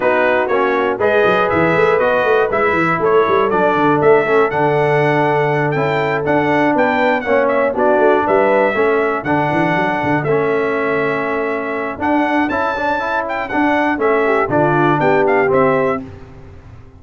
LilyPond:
<<
  \new Staff \with { instrumentName = "trumpet" } { \time 4/4 \tempo 4 = 120 b'4 cis''4 dis''4 e''4 | dis''4 e''4 cis''4 d''4 | e''4 fis''2~ fis''8 g''8~ | g''8 fis''4 g''4 fis''8 e''8 d''8~ |
d''8 e''2 fis''4.~ | fis''8 e''2.~ e''8 | fis''4 a''4. g''8 fis''4 | e''4 d''4 g''8 f''8 e''4 | }
  \new Staff \with { instrumentName = "horn" } { \time 4/4 fis'2 b'2~ | b'2 a'2~ | a'1~ | a'4. b'4 cis''4 fis'8~ |
fis'8 b'4 a'2~ a'8~ | a'1~ | a'1~ | a'8 g'8 f'4 g'2 | }
  \new Staff \with { instrumentName = "trombone" } { \time 4/4 dis'4 cis'4 gis'2 | fis'4 e'2 d'4~ | d'8 cis'8 d'2~ d'8 e'8~ | e'8 d'2 cis'4 d'8~ |
d'4. cis'4 d'4.~ | d'8 cis'2.~ cis'8 | d'4 e'8 d'8 e'4 d'4 | cis'4 d'2 c'4 | }
  \new Staff \with { instrumentName = "tuba" } { \time 4/4 b4 ais4 gis8 fis8 e8 a8 | b8 a8 gis8 e8 a8 g8 fis8 d8 | a4 d2~ d8 cis'8~ | cis'8 d'4 b4 ais4 b8 |
a8 g4 a4 d8 e8 fis8 | d8 a2.~ a8 | d'4 cis'2 d'4 | a4 d4 b4 c'4 | }
>>